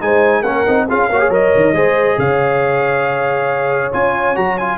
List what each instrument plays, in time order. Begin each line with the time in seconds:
0.00 tuba G#3, trombone D#4, horn C5, trumpet G#5
0.41 tuba A#3, trombone C#4, horn A#4, trumpet F#5
0.66 tuba C4, trombone D#4
0.88 tuba C#4, trombone F4, horn G#4, trumpet F5
1.09 tuba A#3, trombone F#4, horn C#5
1.20 trombone G#4
1.29 tuba F#3, trombone A#4, trumpet D#5
1.55 tuba D#3
1.72 tuba G#3, trombone G#4, horn C5
2.18 tuba C#3, horn C#5, trumpet F5
3.92 tuba C#4, trombone F4, trumpet G#5
4.35 tuba F#3, trombone F#4, trumpet A#5
4.58 trombone F4, trumpet G#5